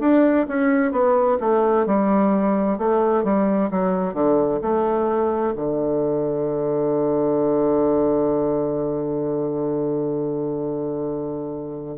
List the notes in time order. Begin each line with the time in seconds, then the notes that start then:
0.00 D4
0.48 C#4
0.91 B3
1.40 A3
1.86 G3
2.78 A3
3.24 G3
3.70 F#3
4.14 D3
4.62 A3
5.56 D3